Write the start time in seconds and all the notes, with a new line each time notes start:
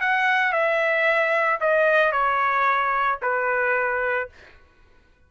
0.00 F#5
0.52 E5
1.60 D#5
2.12 C#5
3.21 B4